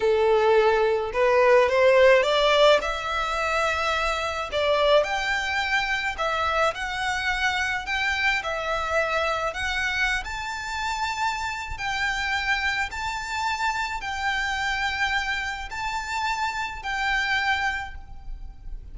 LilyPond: \new Staff \with { instrumentName = "violin" } { \time 4/4 \tempo 4 = 107 a'2 b'4 c''4 | d''4 e''2. | d''4 g''2 e''4 | fis''2 g''4 e''4~ |
e''4 fis''4~ fis''16 a''4.~ a''16~ | a''4 g''2 a''4~ | a''4 g''2. | a''2 g''2 | }